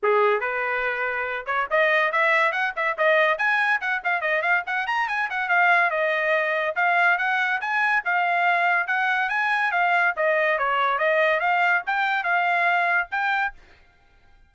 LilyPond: \new Staff \with { instrumentName = "trumpet" } { \time 4/4 \tempo 4 = 142 gis'4 b'2~ b'8 cis''8 | dis''4 e''4 fis''8 e''8 dis''4 | gis''4 fis''8 f''8 dis''8 f''8 fis''8 ais''8 | gis''8 fis''8 f''4 dis''2 |
f''4 fis''4 gis''4 f''4~ | f''4 fis''4 gis''4 f''4 | dis''4 cis''4 dis''4 f''4 | g''4 f''2 g''4 | }